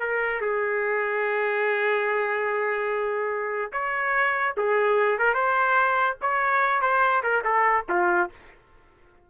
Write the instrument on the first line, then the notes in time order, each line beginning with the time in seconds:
trumpet
0.00 A#4
0.41 G#4
3.72 C#5
4.58 G#4
5.19 A#4
5.34 C5
6.22 C#5
6.82 C5
7.23 A#4
7.45 A4
7.89 F4